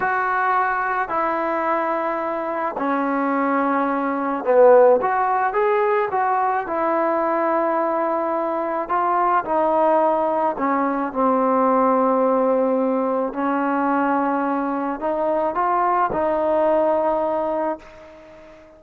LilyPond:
\new Staff \with { instrumentName = "trombone" } { \time 4/4 \tempo 4 = 108 fis'2 e'2~ | e'4 cis'2. | b4 fis'4 gis'4 fis'4 | e'1 |
f'4 dis'2 cis'4 | c'1 | cis'2. dis'4 | f'4 dis'2. | }